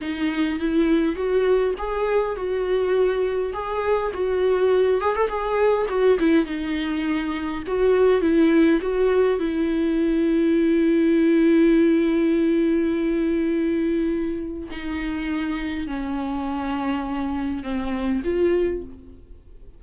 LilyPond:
\new Staff \with { instrumentName = "viola" } { \time 4/4 \tempo 4 = 102 dis'4 e'4 fis'4 gis'4 | fis'2 gis'4 fis'4~ | fis'8 gis'16 a'16 gis'4 fis'8 e'8 dis'4~ | dis'4 fis'4 e'4 fis'4 |
e'1~ | e'1~ | e'4 dis'2 cis'4~ | cis'2 c'4 f'4 | }